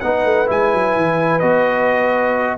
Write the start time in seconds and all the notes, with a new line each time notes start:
0.00 B3 D#4 B4 F#5
0.24 A3
0.46 G#3 E4 G#5
0.73 F#3
0.96 E3
1.39 B3 F#4 D#5